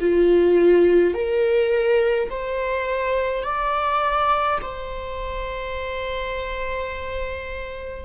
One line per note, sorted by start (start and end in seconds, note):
0.00 1.14 F4
1.14 2.29 A#4
2.29 3.42 C5
3.42 4.58 D5
4.62 8.05 C5